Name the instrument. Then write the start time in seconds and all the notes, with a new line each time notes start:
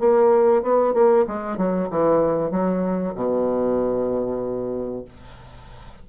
bassoon
0.00 A#3
0.63 B3
0.94 A#3
1.28 G#3
1.58 F#3
1.90 E3
2.51 F#3
3.15 B2